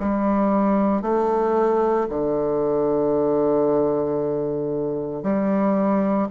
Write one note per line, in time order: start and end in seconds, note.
0.00 1.02 G3
1.02 2.07 A3
2.10 5.23 D3
5.23 6.28 G3